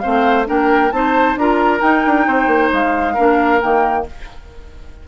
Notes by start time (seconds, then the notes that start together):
0.00 C4 C5 F5
0.07 A3
0.46 A#3 D4 A#4 G5
0.92 C4 D#4 C5 A5
1.36 D4 F4 A#4 A#5
1.80 D#4 G5
2.06 D4
2.27 C4 C5
2.47 A#3
2.73 G#3 F5
3.14 A#3 D4 A#4
3.61 D#3 A#3 G5